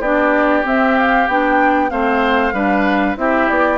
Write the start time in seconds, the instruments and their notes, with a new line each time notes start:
0.00 bassoon B3, clarinet D4, oboe G4, flute D5
0.64 clarinet C4, bassoon C4, flute E5
0.98 flute F5
1.27 bassoon B3, clarinet D4, flute G5
1.90 bassoon A3, clarinet C4, oboe C5, flute F5
2.53 bassoon G3, clarinet D4, oboe B4
3.17 bassoon C4, clarinet E4, oboe G4, flute E5
3.49 bassoon B3, flute D5